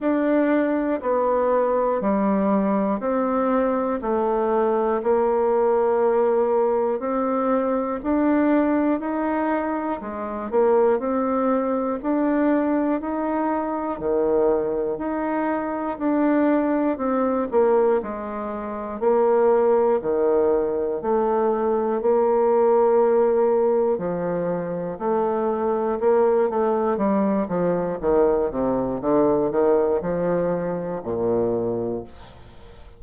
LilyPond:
\new Staff \with { instrumentName = "bassoon" } { \time 4/4 \tempo 4 = 60 d'4 b4 g4 c'4 | a4 ais2 c'4 | d'4 dis'4 gis8 ais8 c'4 | d'4 dis'4 dis4 dis'4 |
d'4 c'8 ais8 gis4 ais4 | dis4 a4 ais2 | f4 a4 ais8 a8 g8 f8 | dis8 c8 d8 dis8 f4 ais,4 | }